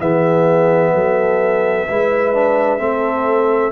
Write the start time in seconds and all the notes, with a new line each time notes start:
0.00 E3 B3 G#4 E5
0.94 F#3 A4
1.88 G#3 E4 B4
2.34 D4
2.79 A3 C4 A4